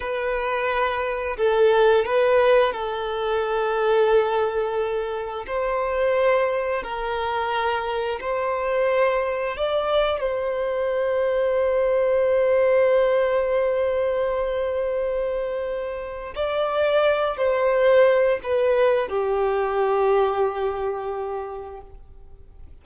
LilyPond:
\new Staff \with { instrumentName = "violin" } { \time 4/4 \tempo 4 = 88 b'2 a'4 b'4 | a'1 | c''2 ais'2 | c''2 d''4 c''4~ |
c''1~ | c''1 | d''4. c''4. b'4 | g'1 | }